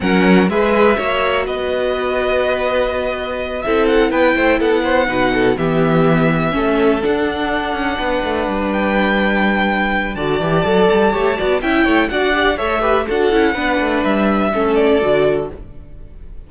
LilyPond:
<<
  \new Staff \with { instrumentName = "violin" } { \time 4/4 \tempo 4 = 124 fis''4 e''2 dis''4~ | dis''2.~ dis''8 e''8 | fis''8 g''4 fis''2 e''8~ | e''2~ e''8 fis''4.~ |
fis''2 g''2~ | g''4 a''2. | g''4 fis''4 e''4 fis''4~ | fis''4 e''4. d''4. | }
  \new Staff \with { instrumentName = "violin" } { \time 4/4 ais'4 b'4 cis''4 b'4~ | b'2.~ b'8 a'8~ | a'8 b'8 c''8 a'8 c''8 b'8 a'8 g'8~ | g'4. a'2~ a'8~ |
a'8 b'2.~ b'8~ | b'4 d''2 cis''8 d''8 | e''8 cis''8 d''4 cis''8 b'8 a'4 | b'2 a'2 | }
  \new Staff \with { instrumentName = "viola" } { \time 4/4 cis'4 gis'4 fis'2~ | fis'2.~ fis'8 e'8~ | e'2~ e'8 dis'4 b8~ | b4. cis'4 d'4.~ |
d'1~ | d'4 fis'8 g'8 a'4 g'8 fis'8 | e'4 fis'8 g'8 a'8 g'8 fis'8 e'8 | d'2 cis'4 fis'4 | }
  \new Staff \with { instrumentName = "cello" } { \time 4/4 fis4 gis4 ais4 b4~ | b2.~ b8 c'8~ | c'8 b8 a8 b4 b,4 e8~ | e4. a4 d'4. |
cis'8 b8 a8 g2~ g8~ | g4 d8 e8 fis8 g8 a8 b8 | cis'8 a8 d'4 a4 d'8 cis'8 | b8 a8 g4 a4 d4 | }
>>